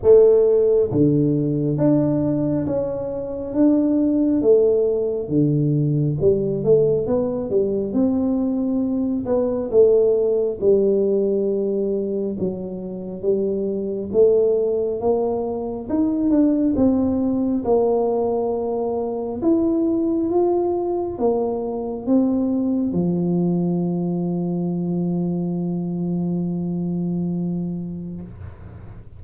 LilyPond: \new Staff \with { instrumentName = "tuba" } { \time 4/4 \tempo 4 = 68 a4 d4 d'4 cis'4 | d'4 a4 d4 g8 a8 | b8 g8 c'4. b8 a4 | g2 fis4 g4 |
a4 ais4 dis'8 d'8 c'4 | ais2 e'4 f'4 | ais4 c'4 f2~ | f1 | }